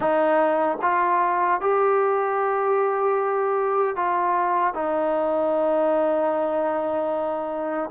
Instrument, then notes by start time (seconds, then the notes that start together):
trombone
0.00 D#4
0.81 F4
1.60 G4
3.95 F4
4.74 D#4